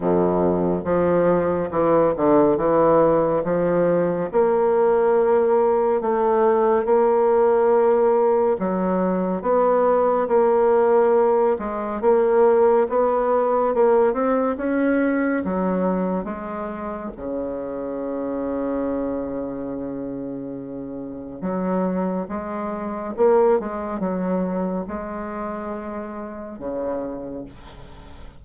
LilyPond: \new Staff \with { instrumentName = "bassoon" } { \time 4/4 \tempo 4 = 70 f,4 f4 e8 d8 e4 | f4 ais2 a4 | ais2 fis4 b4 | ais4. gis8 ais4 b4 |
ais8 c'8 cis'4 fis4 gis4 | cis1~ | cis4 fis4 gis4 ais8 gis8 | fis4 gis2 cis4 | }